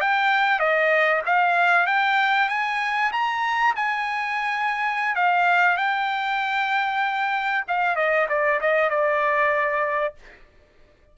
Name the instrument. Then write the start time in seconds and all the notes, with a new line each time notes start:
trumpet
0.00 G5
0.59 D#5
1.26 F5
1.86 G5
2.49 G#5
3.12 A#5
3.76 G#5
5.15 F5
5.77 G5
7.67 F5
7.95 D#5
8.28 D5
8.60 D#5
8.89 D5